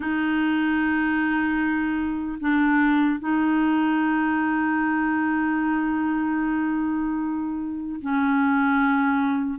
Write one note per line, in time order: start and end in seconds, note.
0.00 2.38 D#4
2.40 3.19 D4
3.19 7.99 D#4
8.01 9.59 C#4